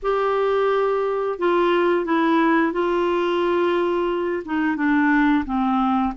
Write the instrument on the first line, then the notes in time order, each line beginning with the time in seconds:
clarinet
0.02 G4
1.39 F4
2.05 E4
2.72 F4
4.45 D#4
4.76 D4
5.45 C4